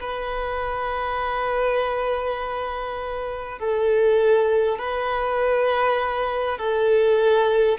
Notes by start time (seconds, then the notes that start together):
0.00 B4
3.59 A4
4.79 B4
6.58 A4